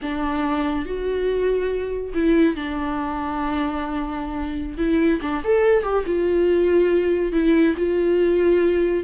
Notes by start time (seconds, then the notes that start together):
0.02 D4
0.85 F#4
2.14 E4
2.55 D4
4.77 E4
5.21 D4
5.44 A4
5.83 G4
6.05 F4
7.32 E4
7.76 F4